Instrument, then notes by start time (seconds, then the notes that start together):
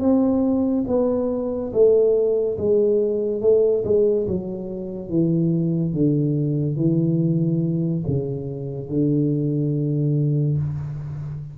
tuba
0.00 C4
0.87 B3
1.73 A3
2.58 G#3
3.41 A3
3.85 G#3
4.27 F#3
5.09 E3
5.93 D3
6.76 E3
8.07 C#3
8.89 D3